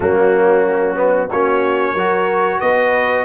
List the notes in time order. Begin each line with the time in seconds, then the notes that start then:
0.00 F#3 A#3 C#4 F#4
0.95 B3
1.30 A#3 C#4 F#4 C#5
1.92 F#3 F#4 A#4
2.60 B3 B4 D#5